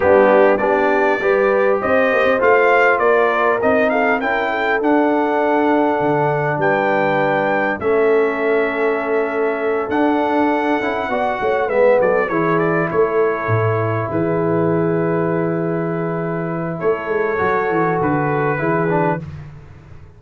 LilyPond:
<<
  \new Staff \with { instrumentName = "trumpet" } { \time 4/4 \tempo 4 = 100 g'4 d''2 dis''4 | f''4 d''4 dis''8 f''8 g''4 | fis''2. g''4~ | g''4 e''2.~ |
e''8 fis''2. e''8 | d''8 cis''8 d''8 cis''2 b'8~ | b'1 | cis''2 b'2 | }
  \new Staff \with { instrumentName = "horn" } { \time 4/4 d'4 g'4 b'4 c''4~ | c''4 ais'4. a'8 ais'8 a'8~ | a'2. b'4~ | b'4 a'2.~ |
a'2~ a'8 d''8 cis''8 b'8 | a'8 gis'4 a'2 gis'8~ | gis'1 | a'2. gis'4 | }
  \new Staff \with { instrumentName = "trombone" } { \time 4/4 b4 d'4 g'2 | f'2 dis'4 e'4 | d'1~ | d'4 cis'2.~ |
cis'8 d'4. e'8 fis'4 b8~ | b8 e'2.~ e'8~ | e'1~ | e'4 fis'2 e'8 d'8 | }
  \new Staff \with { instrumentName = "tuba" } { \time 4/4 g4 b4 g4 c'8 ais16 c'16 | a4 ais4 c'4 cis'4 | d'2 d4 g4~ | g4 a2.~ |
a8 d'4. cis'8 b8 a8 gis8 | fis8 e4 a4 a,4 e8~ | e1 | a8 gis8 fis8 e8 d4 e4 | }
>>